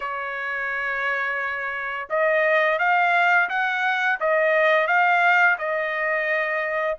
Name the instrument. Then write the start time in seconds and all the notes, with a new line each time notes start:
trumpet
0.00 C#5
2.09 D#5
2.78 F5
3.49 F#5
4.20 D#5
4.87 F5
5.58 D#5